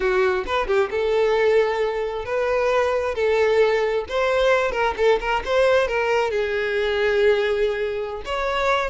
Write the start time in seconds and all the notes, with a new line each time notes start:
0.00 F#4
0.46 B4
0.67 G4
0.90 A4
2.25 B4
3.14 A4
4.08 C5
4.71 A#4
4.97 A4
5.20 A#4
5.45 C5
5.87 A#4
6.30 G#4
8.25 C#5